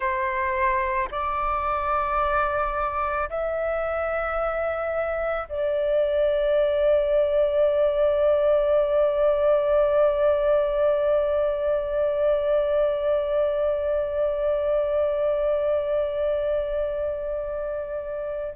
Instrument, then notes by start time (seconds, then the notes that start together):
flute
0.00 C5
1.11 D5
3.29 E5
5.48 D5